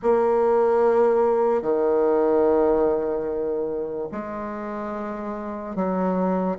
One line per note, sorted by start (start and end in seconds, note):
0.02 1.62 A#3
1.62 4.08 D#3
4.11 5.75 G#3
5.75 6.58 F#3